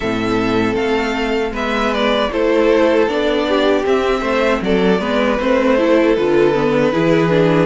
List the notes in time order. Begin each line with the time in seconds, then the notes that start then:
0.00 A2 C4 A4 E5
0.75 A3 F5
1.51 G#3 B3 B4 E5
1.93 D5
2.31 A3 E4 A4 C5
3.07 B3 D4 D5
3.47 G4
3.83 C4 E5
4.21 A3 C5
4.61 F#3 A4 D5
4.99 G#3 B3 B4
5.39 A3 C4 C5
5.77 E4 A4
6.15 D3 F4 B4
6.54 B3
6.92 E3 E4 G#4
7.29 D4